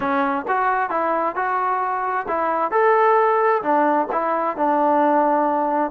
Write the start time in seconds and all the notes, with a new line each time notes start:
0.00 C#4
0.48 F#4
0.90 E4
1.35 F#4
2.27 E4
2.71 A4
3.62 D4
4.12 E4
4.56 D4